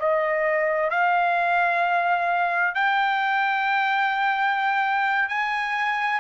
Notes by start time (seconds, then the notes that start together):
0.00 D#5
0.91 F5
2.75 G5
5.29 G#5